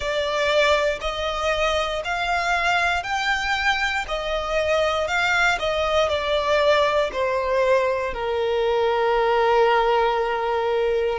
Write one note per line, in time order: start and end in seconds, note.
0.00 0.99 D5
1.00 2.02 D#5
2.04 3.03 F5
3.03 4.04 G5
4.07 5.07 D#5
5.07 5.58 F5
5.59 6.08 D#5
6.08 7.10 D5
7.12 8.13 C5
8.13 11.18 A#4